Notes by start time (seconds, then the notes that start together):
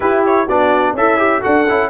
0.00 E4 G4 B4
0.25 C#5
0.45 B3 D4 F#4 D5
0.93 C#4 E4 A4 E5
1.17 G4
1.41 D4 F#4 A4 F#5
1.68 C#4 E4